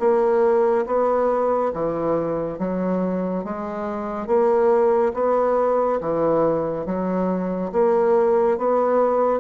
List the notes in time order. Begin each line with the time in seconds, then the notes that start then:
0.00 A#3
0.86 B3
1.74 E3
2.59 F#3
3.44 G#3
4.27 A#3
5.14 B3
6.01 E3
6.86 F#3
7.72 A#3
8.58 B3